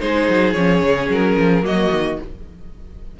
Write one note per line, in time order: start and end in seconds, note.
0.00 0.28 G#3
0.00 0.54 D#4
0.00 1.64 G#4
0.00 0.52 C5
0.29 0.55 F#3
0.52 0.82 F3
0.52 1.62 C#4
0.52 1.06 C#5
0.82 1.09 C#3
1.10 1.37 F#3
1.10 1.65 A#4
1.37 1.62 F3
1.62 1.89 F#3
1.62 2.16 A#3
1.62 2.20 F#4
1.62 2.19 D#5
1.91 2.18 D#3